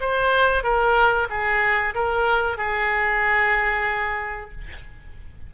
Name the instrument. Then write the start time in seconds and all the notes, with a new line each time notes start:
oboe
0.00 C5
0.63 A#4
1.30 G#4
1.94 A#4
2.57 G#4